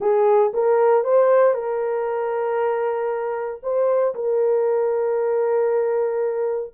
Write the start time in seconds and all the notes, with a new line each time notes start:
0.00 G#4
0.53 A#4
1.03 C5
1.54 A#4
3.62 C5
4.14 A#4